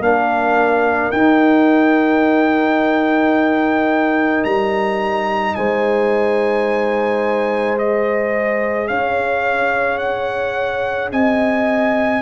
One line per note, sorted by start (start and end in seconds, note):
0.00 1.11 A#3
0.00 1.14 D4
0.00 5.57 A#4
0.00 1.11 F5
1.11 4.45 D#4
1.11 7.78 D#4
1.11 4.44 G5
4.44 5.56 G3
4.44 5.55 A#5
5.55 8.90 G#3
5.55 8.90 C5
5.55 7.77 G#5
7.78 12.22 G#4
7.78 8.88 D#5
8.88 11.12 C#4
8.88 11.12 C#5
8.88 9.98 F5
9.98 11.09 F#5
11.12 12.22 C4
11.12 12.22 D#5
11.12 12.22 G#5